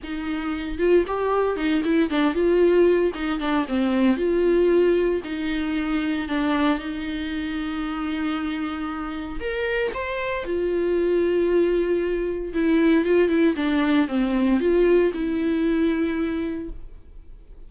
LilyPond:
\new Staff \with { instrumentName = "viola" } { \time 4/4 \tempo 4 = 115 dis'4. f'8 g'4 dis'8 e'8 | d'8 f'4. dis'8 d'8 c'4 | f'2 dis'2 | d'4 dis'2.~ |
dis'2 ais'4 c''4 | f'1 | e'4 f'8 e'8 d'4 c'4 | f'4 e'2. | }